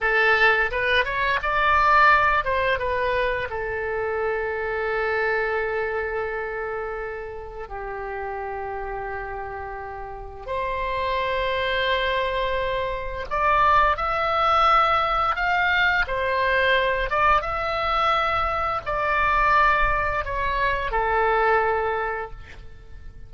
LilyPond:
\new Staff \with { instrumentName = "oboe" } { \time 4/4 \tempo 4 = 86 a'4 b'8 cis''8 d''4. c''8 | b'4 a'2.~ | a'2. g'4~ | g'2. c''4~ |
c''2. d''4 | e''2 f''4 c''4~ | c''8 d''8 e''2 d''4~ | d''4 cis''4 a'2 | }